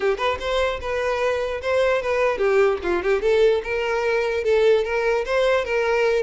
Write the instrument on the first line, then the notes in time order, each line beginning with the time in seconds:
violin
0.00 G4
0.17 B4
0.39 C5
0.80 B4
1.61 C5
2.02 B4
2.38 G4
2.82 F4
3.02 G4
3.21 A4
3.63 A#4
4.44 A4
4.84 A#4
5.25 C5
5.64 A#4